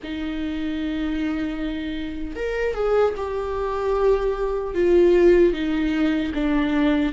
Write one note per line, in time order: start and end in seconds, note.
0.03 2.35 D#4
2.35 2.74 A#4
2.74 3.14 G#4
3.16 4.74 G4
4.74 5.53 F4
5.53 6.32 D#4
6.34 7.12 D4